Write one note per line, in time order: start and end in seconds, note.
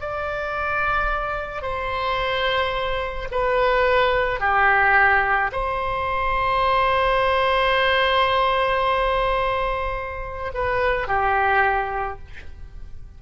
0.00 1.62 D5
1.62 3.28 C5
3.31 4.39 B4
4.39 5.51 G4
5.52 10.52 C5
10.54 11.08 B4
11.08 12.19 G4